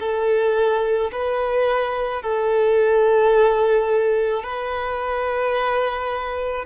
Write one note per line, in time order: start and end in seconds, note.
0.00 1.11 A4
1.12 2.22 B4
2.22 4.43 A4
4.43 6.66 B4